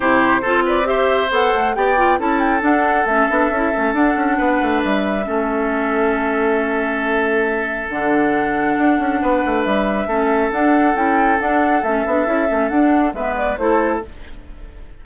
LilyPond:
<<
  \new Staff \with { instrumentName = "flute" } { \time 4/4 \tempo 4 = 137 c''4. d''8 e''4 fis''4 | g''4 a''8 g''8 fis''4 e''4~ | e''4 fis''2 e''4~ | e''1~ |
e''2 fis''2~ | fis''2 e''2 | fis''4 g''4 fis''4 e''4~ | e''4 fis''4 e''8 d''8 c''4 | }
  \new Staff \with { instrumentName = "oboe" } { \time 4/4 g'4 a'8 b'8 c''2 | d''4 a'2.~ | a'2 b'2 | a'1~ |
a'1~ | a'4 b'2 a'4~ | a'1~ | a'2 b'4 a'4 | }
  \new Staff \with { instrumentName = "clarinet" } { \time 4/4 e'4 f'4 g'4 a'4 | g'8 f'8 e'4 d'4 cis'8 d'8 | e'8 cis'8 d'2. | cis'1~ |
cis'2 d'2~ | d'2. cis'4 | d'4 e'4 d'4 cis'8 d'8 | e'8 cis'8 d'4 b4 e'4 | }
  \new Staff \with { instrumentName = "bassoon" } { \time 4/4 c4 c'2 b8 a8 | b4 cis'4 d'4 a8 b8 | cis'8 a8 d'8 cis'8 b8 a8 g4 | a1~ |
a2 d2 | d'8 cis'8 b8 a8 g4 a4 | d'4 cis'4 d'4 a8 b8 | cis'8 a8 d'4 gis4 a4 | }
>>